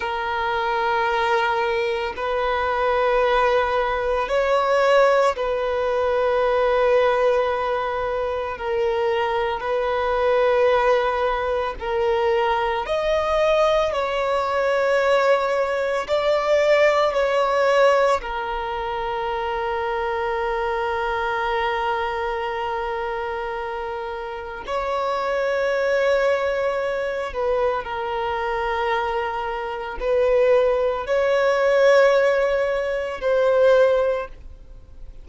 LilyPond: \new Staff \with { instrumentName = "violin" } { \time 4/4 \tempo 4 = 56 ais'2 b'2 | cis''4 b'2. | ais'4 b'2 ais'4 | dis''4 cis''2 d''4 |
cis''4 ais'2.~ | ais'2. cis''4~ | cis''4. b'8 ais'2 | b'4 cis''2 c''4 | }